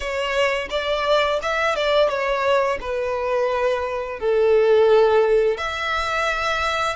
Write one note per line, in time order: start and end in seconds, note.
0.00 0.68 C#5
0.69 1.39 D5
1.42 1.75 E5
1.75 2.08 D5
2.08 2.78 C#5
2.80 4.19 B4
4.19 5.57 A4
5.57 6.95 E5